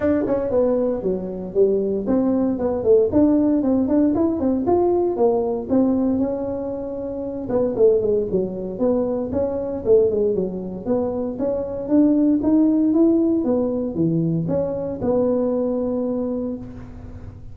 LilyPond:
\new Staff \with { instrumentName = "tuba" } { \time 4/4 \tempo 4 = 116 d'8 cis'8 b4 fis4 g4 | c'4 b8 a8 d'4 c'8 d'8 | e'8 c'8 f'4 ais4 c'4 | cis'2~ cis'8 b8 a8 gis8 |
fis4 b4 cis'4 a8 gis8 | fis4 b4 cis'4 d'4 | dis'4 e'4 b4 e4 | cis'4 b2. | }